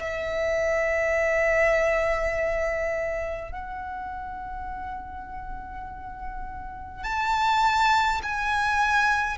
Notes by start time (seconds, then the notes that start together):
0.00 E5
3.52 F#5
7.04 A5
8.23 G#5